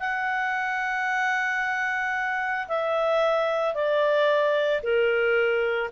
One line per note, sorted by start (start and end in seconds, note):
0.00 2.68 F#5
2.68 3.75 E5
3.75 4.82 D5
4.83 5.91 A#4